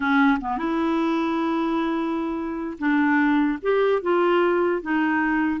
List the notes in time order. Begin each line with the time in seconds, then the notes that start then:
0.00 C#4
0.40 B3
0.57 E4
2.79 D4
3.62 G4
4.02 F4
4.82 D#4